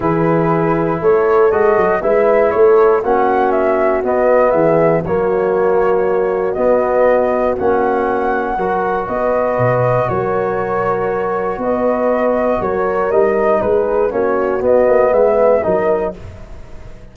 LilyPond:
<<
  \new Staff \with { instrumentName = "flute" } { \time 4/4 \tempo 4 = 119 b'2 cis''4 dis''4 | e''4 cis''4 fis''4 e''4 | dis''4 e''4 cis''2~ | cis''4 dis''2 fis''4~ |
fis''2 dis''2 | cis''2. dis''4~ | dis''4 cis''4 dis''4 b'4 | cis''4 dis''4 e''4 dis''4 | }
  \new Staff \with { instrumentName = "horn" } { \time 4/4 gis'2 a'2 | b'4 a'4 fis'2~ | fis'4 gis'4 fis'2~ | fis'1~ |
fis'4 ais'4 b'2 | ais'2. b'4~ | b'4 ais'2 gis'4 | fis'2 b'4 ais'4 | }
  \new Staff \with { instrumentName = "trombone" } { \time 4/4 e'2. fis'4 | e'2 cis'2 | b2 ais2~ | ais4 b2 cis'4~ |
cis'4 fis'2.~ | fis'1~ | fis'2 dis'2 | cis'4 b2 dis'4 | }
  \new Staff \with { instrumentName = "tuba" } { \time 4/4 e2 a4 gis8 fis8 | gis4 a4 ais2 | b4 e4 fis2~ | fis4 b2 ais4~ |
ais4 fis4 b4 b,4 | fis2. b4~ | b4 fis4 g4 gis4 | ais4 b8 ais8 gis4 fis4 | }
>>